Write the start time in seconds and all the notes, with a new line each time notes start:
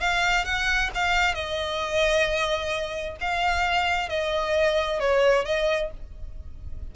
0.00 F5
0.44 F#5
0.94 F5
1.34 D#5
3.20 F5
4.08 D#5
5.00 C#5
5.45 D#5